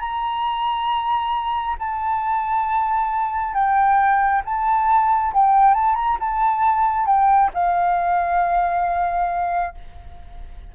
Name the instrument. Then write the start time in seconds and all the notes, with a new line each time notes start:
flute
0.00 A#5
1.79 A5
3.54 G5
4.45 A5
5.34 G5
5.74 A5
5.95 A#5
6.20 A5
7.06 G5
7.54 F5